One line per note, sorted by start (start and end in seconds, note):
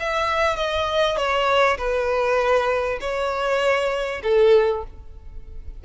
0.00 0.56 E5
0.56 1.17 D#5
1.17 1.78 C#5
1.78 2.99 B4
3.01 4.22 C#5
4.23 4.84 A4